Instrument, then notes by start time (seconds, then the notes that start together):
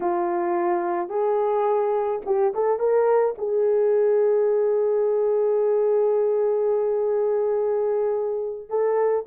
horn
0.00 F4
1.09 G#4
2.25 G4
2.54 A4
2.79 A#4
3.38 G#4
8.69 A4